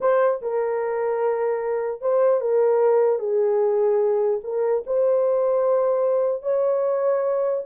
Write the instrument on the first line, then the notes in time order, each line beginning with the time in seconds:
horn
0.00 C5
0.41 A#4
2.01 C5
2.40 A#4
3.19 G#4
4.43 A#4
4.86 C5
6.42 C#5